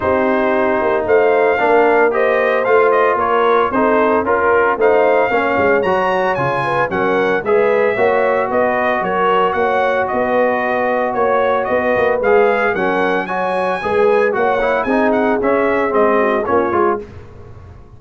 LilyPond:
<<
  \new Staff \with { instrumentName = "trumpet" } { \time 4/4 \tempo 4 = 113 c''2 f''2 | dis''4 f''8 dis''8 cis''4 c''4 | ais'4 f''2 ais''4 | gis''4 fis''4 e''2 |
dis''4 cis''4 fis''4 dis''4~ | dis''4 cis''4 dis''4 f''4 | fis''4 gis''2 fis''4 | gis''8 fis''8 e''4 dis''4 cis''4 | }
  \new Staff \with { instrumentName = "horn" } { \time 4/4 g'2 c''4 ais'4 | c''2 ais'4 a'4 | ais'4 c''4 cis''2~ | cis''8 b'8 ais'4 b'4 cis''4 |
b'4 ais'4 cis''4 b'4~ | b'4 cis''4 b'2 | ais'4 cis''4 b'4 cis''4 | gis'2~ gis'8 fis'8 f'4 | }
  \new Staff \with { instrumentName = "trombone" } { \time 4/4 dis'2. d'4 | g'4 f'2 dis'4 | f'4 dis'4 cis'4 fis'4 | f'4 cis'4 gis'4 fis'4~ |
fis'1~ | fis'2. gis'4 | cis'4 fis'4 gis'4 fis'8 e'8 | dis'4 cis'4 c'4 cis'8 f'8 | }
  \new Staff \with { instrumentName = "tuba" } { \time 4/4 c'4. ais8 a4 ais4~ | ais4 a4 ais4 c'4 | cis'4 a4 ais8 gis8 fis4 | cis4 fis4 gis4 ais4 |
b4 fis4 ais4 b4~ | b4 ais4 b8 ais8 gis4 | fis2 gis4 ais4 | c'4 cis'4 gis4 ais8 gis8 | }
>>